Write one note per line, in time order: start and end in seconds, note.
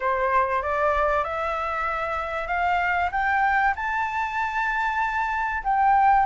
0.00 0.62 C5
0.62 1.24 D5
1.24 2.47 E5
2.47 3.10 F5
3.11 3.74 G5
3.75 5.63 A5
5.63 6.26 G5